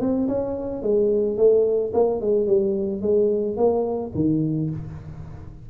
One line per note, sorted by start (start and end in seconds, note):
0.00 0.28 C4
0.28 0.83 C#4
0.83 1.37 G#3
1.37 1.92 A3
1.94 2.21 A#3
2.21 2.47 G#3
2.47 3.02 G3
3.02 3.57 G#3
3.57 4.12 A#3
4.15 4.70 D#3